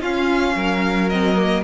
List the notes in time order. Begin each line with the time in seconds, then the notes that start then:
0.00 C#4 F4 F5
0.55 F#3 A#4
1.09 C4 D#5
1.36 A#3